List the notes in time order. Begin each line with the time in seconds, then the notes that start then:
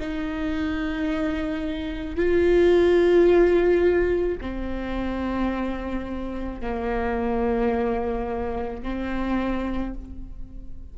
0.00 D#4
2.16 F4
4.41 C4
6.61 A#3
8.83 C4